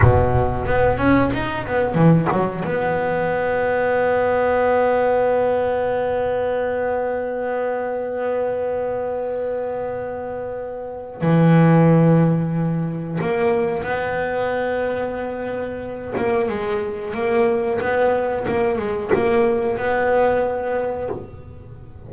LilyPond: \new Staff \with { instrumentName = "double bass" } { \time 4/4 \tempo 4 = 91 b,4 b8 cis'8 dis'8 b8 e8 fis8 | b1~ | b1~ | b1~ |
b4 e2. | ais4 b2.~ | b8 ais8 gis4 ais4 b4 | ais8 gis8 ais4 b2 | }